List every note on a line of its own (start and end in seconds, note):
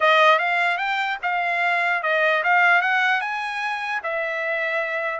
0.00 0.38 D#5
0.38 0.77 F5
0.77 1.18 G5
1.22 2.02 F5
2.02 2.43 D#5
2.43 2.81 F5
2.81 3.20 F#5
3.20 4.01 G#5
4.03 5.20 E5